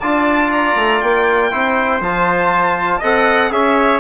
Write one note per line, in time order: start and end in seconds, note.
0.00 0.76 D4
0.00 1.51 F4
0.00 1.51 D5
0.00 0.50 A5
0.52 1.01 A#5
0.76 1.01 A3
1.01 1.53 A#3
1.01 2.01 G5
1.51 2.01 C4
1.51 2.01 E4
1.51 2.99 C5
2.01 3.01 F3
2.01 3.02 F4
2.01 3.03 A5
2.99 3.51 C4
2.99 3.52 A4
2.99 3.49 D#5
2.99 3.52 F#5
3.51 4.00 C#4
3.51 4.00 G#4
3.51 4.00 C#5
3.51 4.00 E5